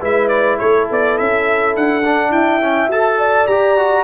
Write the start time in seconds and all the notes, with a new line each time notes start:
0.00 G#3 E4 B4 E5
0.28 D5
0.58 A3 A4 C#5
0.90 B3 D5
1.17 C#4 E5
1.76 D4 F#5
2.04 D4
2.30 E4 E5 G5
2.60 C#4
2.87 F#4 A4 A5
3.18 D5
3.47 G4 A#5
3.77 F#4